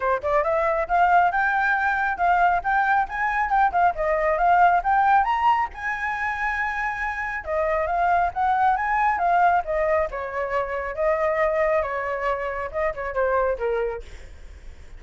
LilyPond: \new Staff \with { instrumentName = "flute" } { \time 4/4 \tempo 4 = 137 c''8 d''8 e''4 f''4 g''4~ | g''4 f''4 g''4 gis''4 | g''8 f''8 dis''4 f''4 g''4 | ais''4 gis''2.~ |
gis''4 dis''4 f''4 fis''4 | gis''4 f''4 dis''4 cis''4~ | cis''4 dis''2 cis''4~ | cis''4 dis''8 cis''8 c''4 ais'4 | }